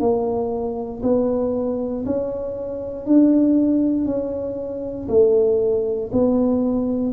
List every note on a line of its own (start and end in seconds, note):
0.00 1.02 A#3
1.03 2.05 B3
2.06 3.06 C#4
3.06 4.05 D4
4.05 5.07 C#4
5.08 6.10 A3
6.12 7.12 B3